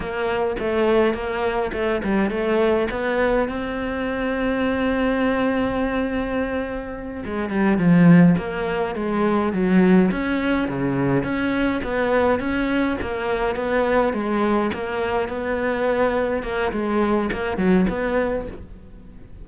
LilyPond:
\new Staff \with { instrumentName = "cello" } { \time 4/4 \tempo 4 = 104 ais4 a4 ais4 a8 g8 | a4 b4 c'2~ | c'1~ | c'8 gis8 g8 f4 ais4 gis8~ |
gis8 fis4 cis'4 cis4 cis'8~ | cis'8 b4 cis'4 ais4 b8~ | b8 gis4 ais4 b4.~ | b8 ais8 gis4 ais8 fis8 b4 | }